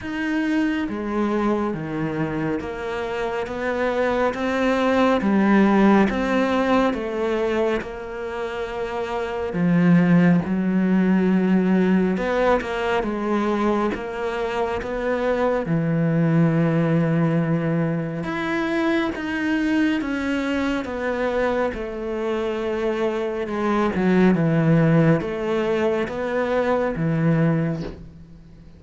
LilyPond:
\new Staff \with { instrumentName = "cello" } { \time 4/4 \tempo 4 = 69 dis'4 gis4 dis4 ais4 | b4 c'4 g4 c'4 | a4 ais2 f4 | fis2 b8 ais8 gis4 |
ais4 b4 e2~ | e4 e'4 dis'4 cis'4 | b4 a2 gis8 fis8 | e4 a4 b4 e4 | }